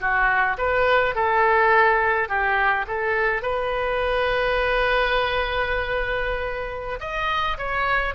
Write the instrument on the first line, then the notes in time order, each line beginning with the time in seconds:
oboe
0.00 F#4
0.58 B4
1.15 A4
2.29 G4
2.88 A4
3.42 B4
7.00 D#5
7.58 C#5